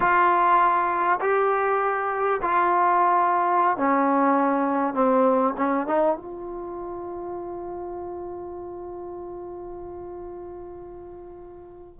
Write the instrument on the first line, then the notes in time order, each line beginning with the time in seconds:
trombone
0.00 F4
1.20 G4
2.42 F4
3.77 C#4
4.94 C4
5.57 C#4
5.86 D#4
6.16 F4